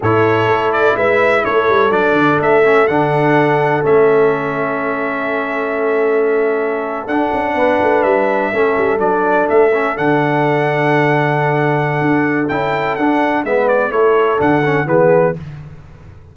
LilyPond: <<
  \new Staff \with { instrumentName = "trumpet" } { \time 4/4 \tempo 4 = 125 cis''4. d''8 e''4 cis''4 | d''4 e''4 fis''2 | e''1~ | e''2~ e''8. fis''4~ fis''16~ |
fis''8. e''2 d''4 e''16~ | e''8. fis''2.~ fis''16~ | fis''2 g''4 fis''4 | e''8 d''8 cis''4 fis''4 b'4 | }
  \new Staff \with { instrumentName = "horn" } { \time 4/4 a'2 b'4 a'4~ | a'1~ | a'1~ | a'2.~ a'8. b'16~ |
b'4.~ b'16 a'2~ a'16~ | a'1~ | a'1 | b'4 a'2 gis'4 | }
  \new Staff \with { instrumentName = "trombone" } { \time 4/4 e'1 | d'4. cis'8 d'2 | cis'1~ | cis'2~ cis'8. d'4~ d'16~ |
d'4.~ d'16 cis'4 d'4~ d'16~ | d'16 cis'8 d'2.~ d'16~ | d'2 e'4 d'4 | b4 e'4 d'8 cis'8 b4 | }
  \new Staff \with { instrumentName = "tuba" } { \time 4/4 a,4 a4 gis4 a8 g8 | fis8 d8 a4 d2 | a1~ | a2~ a8. d'8 cis'8 b16~ |
b16 a8 g4 a8 g8 fis4 a16~ | a8. d2.~ d16~ | d4 d'4 cis'4 d'4 | gis4 a4 d4 e4 | }
>>